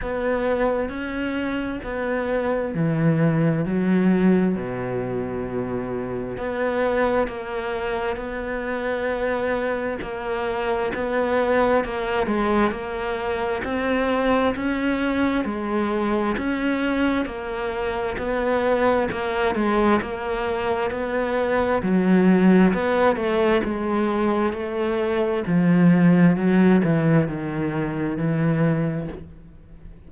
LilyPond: \new Staff \with { instrumentName = "cello" } { \time 4/4 \tempo 4 = 66 b4 cis'4 b4 e4 | fis4 b,2 b4 | ais4 b2 ais4 | b4 ais8 gis8 ais4 c'4 |
cis'4 gis4 cis'4 ais4 | b4 ais8 gis8 ais4 b4 | fis4 b8 a8 gis4 a4 | f4 fis8 e8 dis4 e4 | }